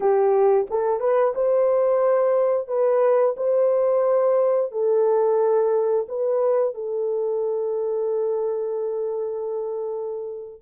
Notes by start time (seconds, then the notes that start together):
0.00 G4
0.70 A4
1.00 B4
1.35 C5
2.67 B4
3.36 C5
4.71 A4
6.08 B4
6.74 A4